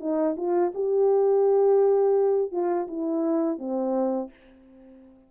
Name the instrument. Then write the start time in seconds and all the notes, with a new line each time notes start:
horn
0.00 D#4
0.37 F4
0.74 G4
2.52 F4
2.88 E4
3.58 C4